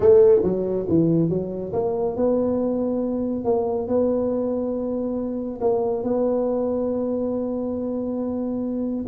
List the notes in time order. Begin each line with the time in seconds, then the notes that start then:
0.00 A3
0.43 F#3
0.88 E3
1.29 F#3
1.72 A#3
2.16 B3
3.44 A#3
3.87 B3
5.60 A#3
6.03 B3